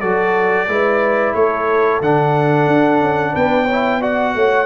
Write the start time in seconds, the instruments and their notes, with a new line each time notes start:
0.00 tuba F#3, trombone F#4, horn A4, trumpet D5
0.68 tuba G#3, trombone E4, horn B4
1.34 tuba A3, horn A4, trumpet C#5
2.01 tuba D3, trombone D4, trumpet F#5
2.67 tuba D4
3.01 tuba C#4
3.32 tuba B3, horn B4, trumpet G5
3.65 horn C#5
3.72 trombone E4
4.00 trombone F#4, horn D5, trumpet F#5
4.35 tuba A3, horn C#5